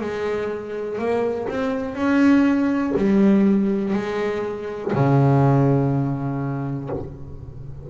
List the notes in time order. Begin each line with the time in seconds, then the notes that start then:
0.00 G#3
0.98 A#3
1.48 C4
1.94 C#4
2.96 G3
3.93 G#3
4.93 C#3